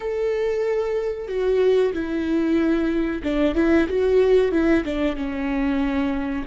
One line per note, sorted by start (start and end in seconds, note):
0.00 1.28 A4
1.28 1.92 F#4
1.93 3.22 E4
3.23 3.55 D4
3.55 3.87 E4
3.88 4.51 F#4
4.51 4.84 E4
4.84 5.16 D4
5.16 6.45 C#4